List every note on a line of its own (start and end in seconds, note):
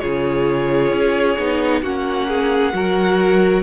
0.00 0.93 C#3
0.00 1.37 F4
0.00 1.83 G#4
0.00 1.82 C#5
0.93 1.38 C#4
1.39 1.83 B3
1.39 1.84 D#4
1.83 2.73 A#3
1.83 2.73 C#4
1.83 2.28 F#4
1.83 3.63 F#5
2.28 2.74 G#4
2.73 3.63 F#3
2.73 3.63 F#4
2.73 3.63 A#4